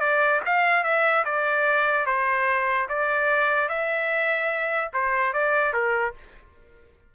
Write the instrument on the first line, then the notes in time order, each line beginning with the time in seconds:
trumpet
0.00 D5
0.46 F5
0.84 E5
1.25 D5
2.06 C5
2.89 D5
3.69 E5
4.93 C5
5.33 D5
5.73 A#4